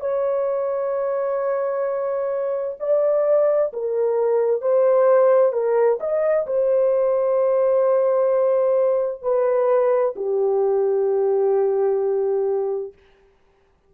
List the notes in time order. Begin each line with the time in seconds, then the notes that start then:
0.00 C#5
2.80 D5
3.73 A#4
4.62 C5
5.52 A#4
6.00 D#5
6.47 C5
9.22 B4
10.16 G4